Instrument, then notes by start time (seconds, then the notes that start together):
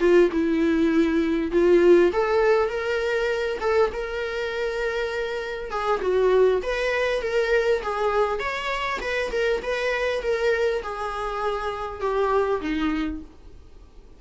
viola
0.00 F4
0.32 E4
1.52 F4
2.13 A4
2.69 A#4
3.61 A4
3.92 A#4
5.71 G#4
6.02 F#4
6.63 B4
7.22 A#4
7.83 G#4
8.40 C#5
9.01 B4
9.32 A#4
9.63 B4
10.23 A#4
10.83 G#4
12.01 G4
12.61 D#4